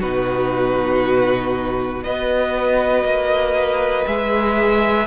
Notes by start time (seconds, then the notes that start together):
0.00 B2 D#4 F#4 B4
2.03 B3 F#4 B4 D#5
3.04 A#3
4.06 G#3 G#4 E5